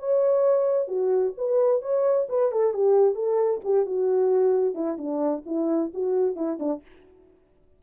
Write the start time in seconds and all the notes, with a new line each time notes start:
0.00 C#5
0.88 F#4
1.38 B4
1.82 C#5
2.30 B4
2.52 A4
2.74 G4
3.16 A4
3.65 G4
3.86 F#4
4.75 E4
4.98 D4
5.46 E4
5.94 F#4
6.36 E4
6.60 D4